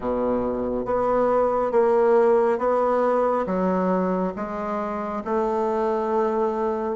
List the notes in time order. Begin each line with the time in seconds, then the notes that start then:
0.00 B2
0.85 B3
1.72 A#3
2.58 B3
3.46 F#3
4.36 G#3
5.25 A3